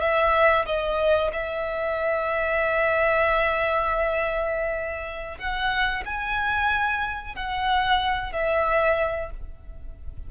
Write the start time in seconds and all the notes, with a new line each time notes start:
0.00 E5
0.66 D#5
1.32 E5
5.38 F#5
6.05 G#5
7.35 F#5
8.32 E5